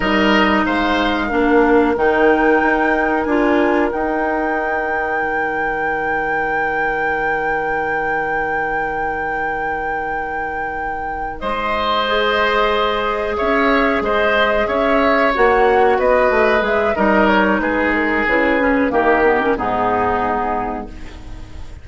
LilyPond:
<<
  \new Staff \with { instrumentName = "flute" } { \time 4/4 \tempo 4 = 92 dis''4 f''2 g''4~ | g''4 gis''4 g''2~ | g''1~ | g''1~ |
g''4. dis''2~ dis''8~ | dis''8 e''4 dis''4 e''4 fis''8~ | fis''8 dis''4 e''8 dis''8 cis''8 b'8 ais'8 | b'4 ais'4 gis'2 | }
  \new Staff \with { instrumentName = "oboe" } { \time 4/4 ais'4 c''4 ais'2~ | ais'1~ | ais'1~ | ais'1~ |
ais'4. c''2~ c''8~ | c''8 cis''4 c''4 cis''4.~ | cis''8 b'4. ais'4 gis'4~ | gis'4 g'4 dis'2 | }
  \new Staff \with { instrumentName = "clarinet" } { \time 4/4 dis'2 d'4 dis'4~ | dis'4 f'4 dis'2~ | dis'1~ | dis'1~ |
dis'2~ dis'8 gis'4.~ | gis'2.~ gis'8 fis'8~ | fis'4. gis'8 dis'2 | e'8 cis'8 ais8 b16 cis'16 b2 | }
  \new Staff \with { instrumentName = "bassoon" } { \time 4/4 g4 gis4 ais4 dis4 | dis'4 d'4 dis'2 | dis1~ | dis1~ |
dis4. gis2~ gis8~ | gis8 cis'4 gis4 cis'4 ais8~ | ais8 b8 a8 gis8 g4 gis4 | cis4 dis4 gis,2 | }
>>